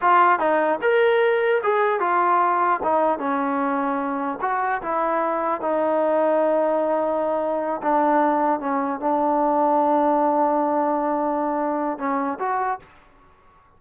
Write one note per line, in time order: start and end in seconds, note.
0.01 0.39 F4
0.39 0.79 D#4
0.81 1.61 A#4
1.63 2.00 G#4
2.00 2.80 F4
2.83 3.18 D#4
3.18 4.38 C#4
4.41 4.81 F#4
4.81 5.61 E4
5.61 7.81 D#4
7.82 8.60 D4
8.60 8.99 C#4
8.99 11.98 D4
11.98 12.38 C#4
12.39 12.79 F#4